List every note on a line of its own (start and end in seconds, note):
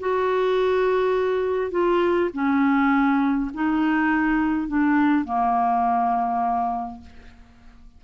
0.00 1.71 F#4
1.71 2.30 F4
2.34 3.51 C#4
3.54 4.68 D#4
4.68 5.25 D4
5.25 7.01 A#3